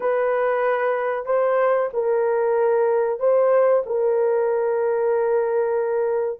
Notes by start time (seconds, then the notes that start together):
0.00 B4
1.25 C5
1.93 A#4
3.19 C5
3.86 A#4